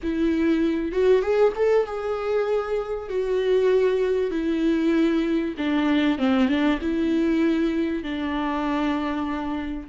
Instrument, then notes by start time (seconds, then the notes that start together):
viola
0.03 E4
0.91 F#4
1.21 G#4
1.55 A4
1.86 G#4
3.09 F#4
4.30 E4
5.57 D4
6.18 C4
6.48 D4
6.81 E4
8.03 D4